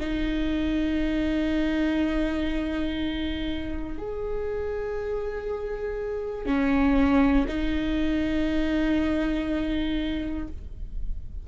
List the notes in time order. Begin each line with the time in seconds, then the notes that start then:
0.00 D#4
3.98 G#4
6.45 C#4
7.47 D#4